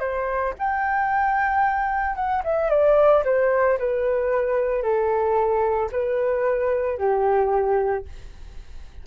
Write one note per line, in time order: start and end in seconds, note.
0.00 0.54 C5
0.58 2.16 G5
2.16 2.43 F#5
2.44 2.70 E5
2.70 3.23 D5
3.25 3.78 C5
3.79 4.83 B4
4.83 5.90 A4
5.92 6.98 B4
6.98 8.05 G4